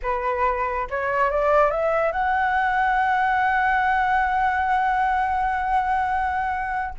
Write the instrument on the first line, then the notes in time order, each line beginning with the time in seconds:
flute
0.02 B4
0.90 C#5
1.30 D5
1.70 E5
2.12 F#5